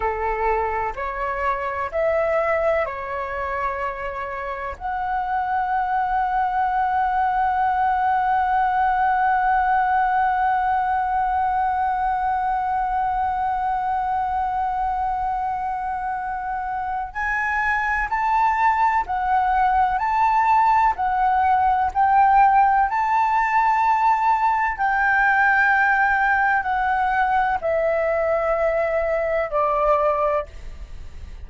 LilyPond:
\new Staff \with { instrumentName = "flute" } { \time 4/4 \tempo 4 = 63 a'4 cis''4 e''4 cis''4~ | cis''4 fis''2.~ | fis''1~ | fis''1~ |
fis''2 gis''4 a''4 | fis''4 a''4 fis''4 g''4 | a''2 g''2 | fis''4 e''2 d''4 | }